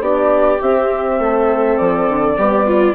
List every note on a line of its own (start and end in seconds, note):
0.00 0.59 B3
0.00 0.60 D4
0.00 1.19 G4
0.00 0.60 D5
0.61 1.19 C4
0.61 2.37 C4
0.61 1.77 E5
1.19 1.78 A3
1.19 2.37 A4
1.77 2.08 F3
1.77 2.94 D5
2.08 2.37 D3
2.37 2.94 G3
2.37 2.94 B3
2.37 2.66 G4
2.66 2.94 F4